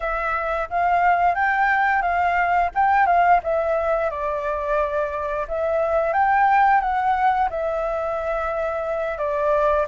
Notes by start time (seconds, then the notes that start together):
0.00 E5
0.69 F5
1.35 G5
2.01 F5
2.74 G5
3.06 F5
3.43 E5
4.10 D5
5.48 E5
6.13 G5
6.80 F#5
7.50 E5
9.18 D5